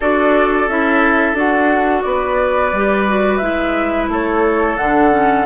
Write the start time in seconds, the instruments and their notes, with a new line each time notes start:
0.00 bassoon D4, clarinet F#4, oboe A4, flute D5
0.68 bassoon C#4, clarinet E4, flute E5
1.33 bassoon D4, clarinet F#4, flute F#5
2.02 bassoon B3, oboe B4, flute D5
2.72 bassoon G3, clarinet G4
3.08 clarinet F#4
3.37 bassoon G#3, clarinet E4, flute E5
4.08 bassoon A3, oboe A4, flute C#5
4.77 bassoon D3, clarinet D4, flute F#5
5.10 clarinet C#4